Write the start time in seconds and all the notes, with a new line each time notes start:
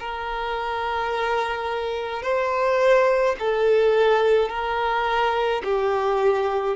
0.00 A#4
2.23 C5
3.40 A4
4.50 A#4
5.64 G4